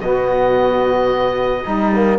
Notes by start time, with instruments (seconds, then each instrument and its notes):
0.00 cello B2, trombone B3, saxophone F#4, oboe D#5
1.64 cello G3, saxophone D#4, trombone D#4
1.94 trombone A#3